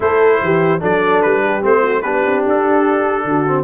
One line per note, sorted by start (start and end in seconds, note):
0.00 0.40 A3
0.00 0.79 E4
0.00 0.42 A4
0.00 0.82 C5
0.41 0.82 E3
0.41 0.81 G4
0.79 1.24 F#3
0.79 1.61 D4
0.79 1.42 A4
0.79 1.22 D5
1.22 1.64 G3
1.22 1.63 B4
1.44 1.81 G4
1.61 2.04 A3
1.61 2.02 C4
1.61 2.02 C5
1.81 2.02 F#4
2.02 2.24 B3
2.02 3.46 D4
2.02 3.26 G4
2.02 2.42 B4
2.25 2.45 C4
2.47 3.24 D4
2.47 3.63 A4
3.24 3.63 D3
3.24 3.63 F#4
3.46 3.63 C4